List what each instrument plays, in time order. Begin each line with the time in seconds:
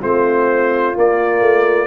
0.00 tuba A3, trombone C4, horn F4, trumpet C5
0.93 trombone A#3, tuba A#3, trumpet D5
1.41 tuba A3